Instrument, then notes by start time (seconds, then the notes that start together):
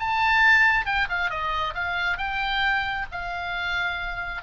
oboe
0.00 A5
0.86 G5
1.09 F5
1.30 D#5
1.74 F5
2.18 G5
3.12 F5